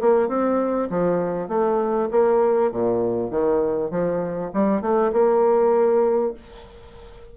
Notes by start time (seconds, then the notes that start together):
0.00 A#3
0.28 C4
0.90 F3
1.48 A3
2.11 A#3
2.71 A#2
3.30 D#3
3.90 F3
4.53 G3
4.81 A3
5.12 A#3